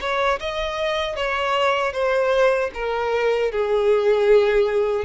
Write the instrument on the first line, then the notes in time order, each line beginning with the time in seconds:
violin
0.00 C#5
0.40 D#5
1.15 C#5
1.92 C5
2.73 A#4
3.51 G#4